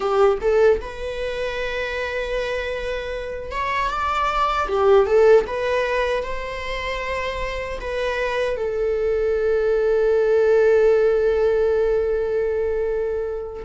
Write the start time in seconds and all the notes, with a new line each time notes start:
0.00 G4
0.41 A4
0.80 B4
3.51 C#5
3.90 D5
4.68 G4
5.06 A4
5.46 B4
6.23 C5
7.80 B4
8.56 A4